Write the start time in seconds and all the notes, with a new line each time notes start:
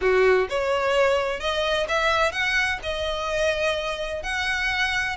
0.01 F#4
0.49 C#5
1.40 D#5
1.88 E5
2.32 F#5
2.82 D#5
4.22 F#5